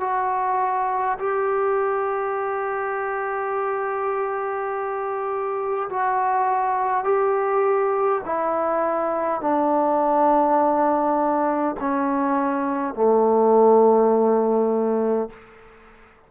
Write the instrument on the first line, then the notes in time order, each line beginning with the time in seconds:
trombone
0.00 F#4
1.19 G4
5.89 F#4
7.04 G4
8.25 E4
9.41 D4
11.80 C#4
12.94 A3